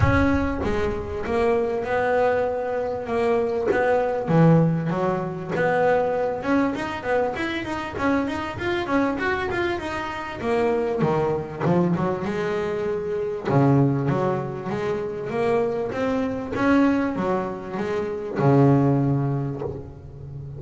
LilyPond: \new Staff \with { instrumentName = "double bass" } { \time 4/4 \tempo 4 = 98 cis'4 gis4 ais4 b4~ | b4 ais4 b4 e4 | fis4 b4. cis'8 dis'8 b8 | e'8 dis'8 cis'8 dis'8 f'8 cis'8 fis'8 f'8 |
dis'4 ais4 dis4 f8 fis8 | gis2 cis4 fis4 | gis4 ais4 c'4 cis'4 | fis4 gis4 cis2 | }